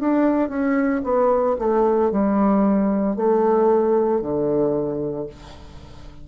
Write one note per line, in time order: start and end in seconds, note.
0.00 0.49 D4
0.49 1.01 C#4
1.03 1.56 B3
1.59 2.11 A3
2.11 3.16 G3
3.16 4.21 A3
4.22 5.27 D3